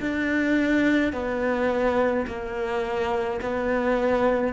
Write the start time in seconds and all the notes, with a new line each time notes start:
0.00 D4
1.12 B3
2.26 A#3
3.41 B3